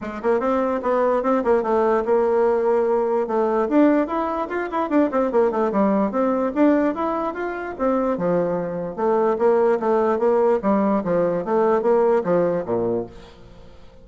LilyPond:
\new Staff \with { instrumentName = "bassoon" } { \time 4/4 \tempo 4 = 147 gis8 ais8 c'4 b4 c'8 ais8 | a4 ais2. | a4 d'4 e'4 f'8 e'8 | d'8 c'8 ais8 a8 g4 c'4 |
d'4 e'4 f'4 c'4 | f2 a4 ais4 | a4 ais4 g4 f4 | a4 ais4 f4 ais,4 | }